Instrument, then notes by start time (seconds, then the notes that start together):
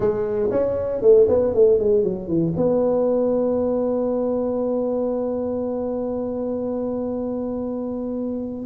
tuba
0.00 G#3
0.50 C#4
1.01 A3
1.28 B3
1.54 A3
1.79 G#3
2.03 F#3
2.27 E3
2.56 B3